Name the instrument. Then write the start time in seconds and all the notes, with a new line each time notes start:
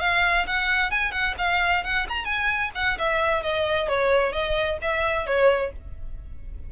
violin
0.00 F5
0.47 F#5
0.91 G#5
1.11 F#5
1.38 F5
1.84 F#5
2.09 A#5
2.25 G#5
2.75 F#5
2.98 E5
3.42 D#5
3.88 C#5
4.32 D#5
4.82 E5
5.26 C#5